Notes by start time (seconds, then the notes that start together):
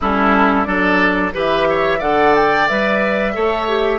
0.00 G3 C#4 E4 A4
0.64 F#3 D4 A4 D5
1.33 E3 G4 B4 E5
1.69 C#5
1.98 D3 A4 D5 F#5
2.35 G5
2.68 G3 B4 E5
3.34 A3 A4 C#5
3.68 G4